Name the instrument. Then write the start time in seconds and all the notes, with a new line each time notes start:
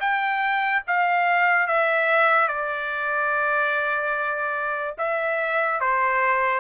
trumpet
0.00 G5
0.87 F5
1.67 E5
2.48 D5
4.98 E5
5.80 C5